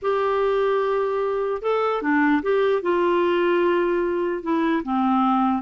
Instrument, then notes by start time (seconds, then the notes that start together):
clarinet
0.02 G4
1.61 A4
2.02 D4
2.42 G4
2.82 F4
4.42 E4
4.83 C4